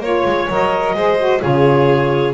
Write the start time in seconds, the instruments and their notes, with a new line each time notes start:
0.00 double bass A#3, saxophone F4, violin C#5, clarinet C#5
0.25 double bass G#3
0.50 double bass F#3, saxophone A#4, clarinet D#5
0.94 double bass G#3, saxophone G#4, violin C5
1.19 saxophone F#4
1.40 double bass C#3, saxophone F4, violin G#4, clarinet C#5